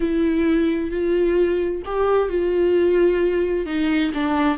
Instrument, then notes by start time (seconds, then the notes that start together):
viola
0.00 E4
0.91 F4
1.85 G4
2.29 F4
3.66 D#4
4.14 D4